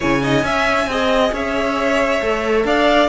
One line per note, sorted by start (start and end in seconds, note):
0.00 0.42 C#3
0.00 0.21 E4
0.00 0.22 C#5
0.00 1.33 G#5
0.21 0.43 D#4
0.21 0.44 D#5
0.42 0.86 C#4
0.42 0.90 C#4
0.42 0.88 E5
0.86 1.31 C4
0.86 2.21 G#4
0.86 1.33 D#5
1.32 2.20 C#4
1.32 2.66 C#5
1.32 2.65 E5
2.21 2.64 A3
2.21 3.08 A4
2.64 3.08 D4
2.64 3.08 D5
2.64 3.08 F5